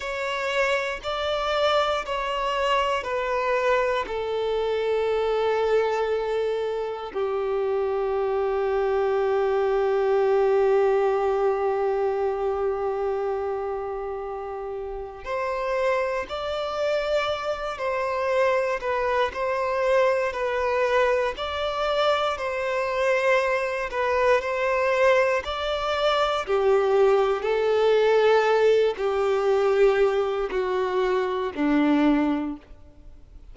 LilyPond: \new Staff \with { instrumentName = "violin" } { \time 4/4 \tempo 4 = 59 cis''4 d''4 cis''4 b'4 | a'2. g'4~ | g'1~ | g'2. c''4 |
d''4. c''4 b'8 c''4 | b'4 d''4 c''4. b'8 | c''4 d''4 g'4 a'4~ | a'8 g'4. fis'4 d'4 | }